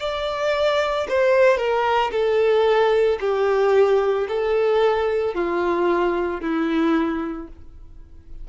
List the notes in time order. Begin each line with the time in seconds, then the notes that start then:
0.00 D5
1.09 C5
1.58 A#4
2.12 A4
3.20 G4
4.29 A4
5.35 F4
6.41 E4